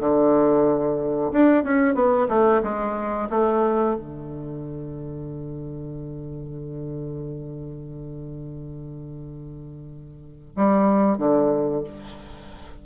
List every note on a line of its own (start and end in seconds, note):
0.00 1.32 D3
1.32 1.64 D4
1.64 1.95 C#4
1.95 2.27 B3
2.29 2.62 A3
2.63 3.29 G#3
3.30 3.96 A3
3.96 10.55 D3
10.56 11.18 G3
11.18 11.84 D3